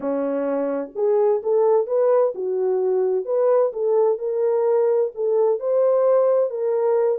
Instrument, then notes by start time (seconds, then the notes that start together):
horn
0.00 C#4
0.95 G#4
1.42 A4
1.86 B4
2.34 F#4
3.25 B4
3.73 A4
4.18 A#4
5.14 A4
5.59 C5
6.49 A#4